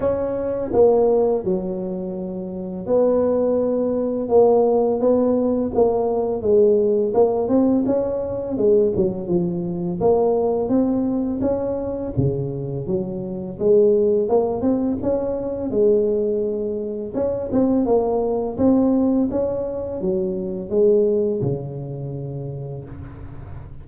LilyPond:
\new Staff \with { instrumentName = "tuba" } { \time 4/4 \tempo 4 = 84 cis'4 ais4 fis2 | b2 ais4 b4 | ais4 gis4 ais8 c'8 cis'4 | gis8 fis8 f4 ais4 c'4 |
cis'4 cis4 fis4 gis4 | ais8 c'8 cis'4 gis2 | cis'8 c'8 ais4 c'4 cis'4 | fis4 gis4 cis2 | }